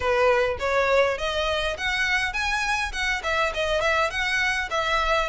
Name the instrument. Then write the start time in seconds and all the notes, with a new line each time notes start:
violin
0.00 B4
0.59 C#5
1.18 D#5
1.77 F#5
2.33 G#5
2.92 F#5
3.23 E5
3.53 D#5
3.81 E5
4.10 F#5
4.70 E5